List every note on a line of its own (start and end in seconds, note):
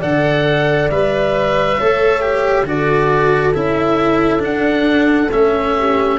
0.00 0.90 D3
0.00 0.90 A4
0.00 1.76 D5
0.00 0.90 F#5
0.90 1.79 G3
0.90 1.79 B4
0.90 2.67 E5
1.77 2.64 A3
1.77 2.21 A4
1.77 2.65 C#5
2.21 2.65 G4
2.64 3.52 D3
2.64 3.53 F#4
2.64 5.77 A4
2.64 3.54 D5
3.54 4.43 C#4
3.54 4.39 E4
3.54 4.42 E5
4.39 5.27 D4
4.39 5.31 D4
4.39 5.32 F#5
5.32 6.18 A3
5.32 6.18 C#4
5.32 6.18 E5
5.78 6.18 G4